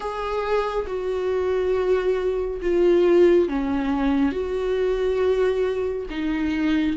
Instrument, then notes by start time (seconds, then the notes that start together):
viola
0.00 G#4
0.87 F#4
2.61 F4
3.48 C#4
4.32 F#4
6.09 D#4